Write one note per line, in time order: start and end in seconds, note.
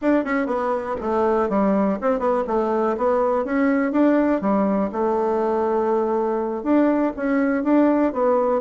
0.01 0.24 D4
0.24 0.46 C#4
0.46 0.95 B3
1.00 1.49 A3
1.49 1.98 G3
2.01 2.19 C4
2.19 2.43 B3
2.47 2.96 A3
2.97 3.44 B3
3.44 3.92 C#4
3.92 4.41 D4
4.41 4.90 G3
4.92 6.63 A3
6.63 7.12 D4
7.16 7.63 C#4
7.63 8.12 D4
8.12 8.61 B3